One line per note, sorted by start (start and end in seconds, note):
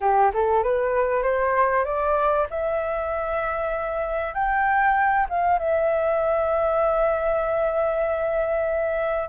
0.00 0.31 G4
0.33 0.63 A4
0.63 1.22 B4
1.22 1.84 C5
1.84 2.46 D5
2.49 4.34 E5
4.34 5.26 G5
5.29 5.58 F5
5.58 9.29 E5